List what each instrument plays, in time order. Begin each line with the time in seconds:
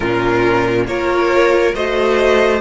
0.00 cello A#2, viola C#4, violin F4 A#4
0.87 cello A#3, viola F4, violin A#4 C#5
1.74 cello A3, viola F#4, violin C5 D#5